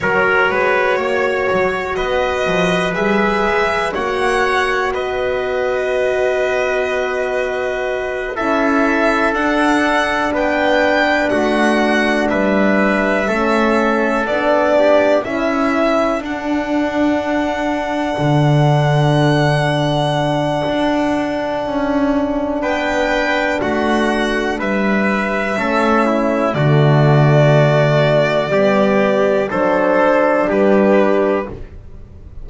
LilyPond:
<<
  \new Staff \with { instrumentName = "violin" } { \time 4/4 \tempo 4 = 61 cis''2 dis''4 e''4 | fis''4 dis''2.~ | dis''8 e''4 fis''4 g''4 fis''8~ | fis''8 e''2 d''4 e''8~ |
e''8 fis''2.~ fis''8~ | fis''2. g''4 | fis''4 e''2 d''4~ | d''2 c''4 b'4 | }
  \new Staff \with { instrumentName = "trumpet" } { \time 4/4 ais'8 b'8 cis''4 b'2 | cis''4 b'2.~ | b'8 a'2 b'4 fis'8~ | fis'8 b'4 a'4. g'8 a'8~ |
a'1~ | a'2. b'4 | fis'4 b'4 a'8 e'8 fis'4~ | fis'4 g'4 a'4 g'4 | }
  \new Staff \with { instrumentName = "horn" } { \time 4/4 fis'2. gis'4 | fis'1~ | fis'8 e'4 d'2~ d'8~ | d'4. cis'4 d'4 e'8~ |
e'8 d'2.~ d'8~ | d'1~ | d'2 cis'4 a4~ | a4 b4 d'2 | }
  \new Staff \with { instrumentName = "double bass" } { \time 4/4 fis8 gis8 ais8 fis8 b8 f8 g8 gis8 | ais4 b2.~ | b8 cis'4 d'4 b4 a8~ | a8 g4 a4 b4 cis'8~ |
cis'8 d'2 d4.~ | d4 d'4 cis'4 b4 | a4 g4 a4 d4~ | d4 g4 fis4 g4 | }
>>